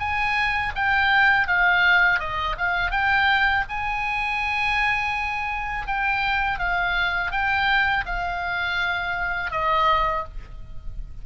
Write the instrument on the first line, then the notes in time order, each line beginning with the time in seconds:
oboe
0.00 G#5
0.76 G5
1.48 F5
2.20 D#5
2.58 F5
2.91 G5
3.70 G#5
5.87 G5
6.60 F5
7.32 G5
8.06 F5
9.52 D#5